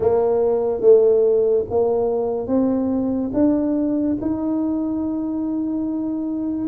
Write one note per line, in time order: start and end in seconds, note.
0.00 0.81 A#3
0.81 1.64 A3
1.70 2.47 A#3
2.47 3.30 C4
3.33 4.17 D4
4.21 6.67 D#4